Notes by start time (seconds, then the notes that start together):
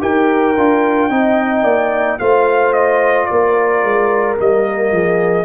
0.00 D#4 G4 A#4 G5
0.56 D4 F4
1.10 C4 D#4 D#5
1.63 A#3 D5
2.19 A3 F4 C5 F5
2.73 D#5
3.26 A#3 A#4 D5
3.83 G#3
4.36 G3 A#3 D#5
4.91 F3 G#4